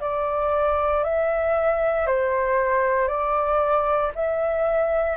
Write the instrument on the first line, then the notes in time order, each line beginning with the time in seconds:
flute
0.00 D5
1.03 E5
2.07 C5
3.08 D5
4.15 E5